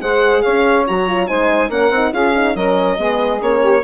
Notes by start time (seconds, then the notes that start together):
0.00 G#3 G#4 C5 F#5
0.42 C#4 C#5 F5
0.87 F#3 F#4 A#5
1.07 F4
1.27 G#3 D#4 C5 G#5
1.69 A#3 C#4 A#4 F#5
1.90 C4 D#4
2.12 C#4 F4 G#4 F5
2.35 D#4
2.54 F#3 C#4 A#4 D#5
2.97 G#3 B3 G#4
3.40 A#3 C#4 C#5
3.60 G4